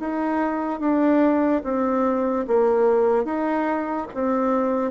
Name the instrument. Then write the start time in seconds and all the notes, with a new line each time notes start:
bassoon
0.00 D#4
0.80 D4
1.64 C4
2.48 A#3
3.25 D#4
4.15 C4